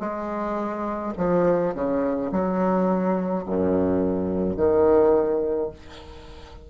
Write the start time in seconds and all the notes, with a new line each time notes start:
0.00 G#3
1.17 F3
1.74 C#3
2.32 F#3
3.45 F#2
4.57 D#3